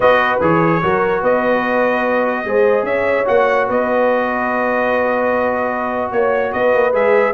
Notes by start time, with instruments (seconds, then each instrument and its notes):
0.00 tuba B3, trombone F#4, horn B4, trumpet D#5
0.40 tuba E3, trombone G#4, trumpet C#5
0.82 tuba F#3, trombone F#4, horn A#4
1.21 tuba B3, horn B4, trumpet D#5
2.44 tuba G#3, trombone G#4, horn C5
2.82 tuba C#4, horn C#5, trumpet E5
3.25 tuba A#3, trombone F#4, trumpet F#5
3.67 tuba B3, horn B4, trumpet D#5
6.11 tuba A#3, trumpet C#5, horn C#5
6.52 tuba B3, horn B4, trumpet D#5
6.74 tuba A#3
6.92 tuba G#3, trombone G#4, trumpet E5